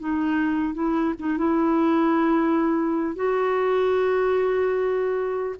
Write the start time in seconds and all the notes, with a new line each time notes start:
0.00 D#4
0.74 E4
1.19 D#4
1.38 E4
3.16 F#4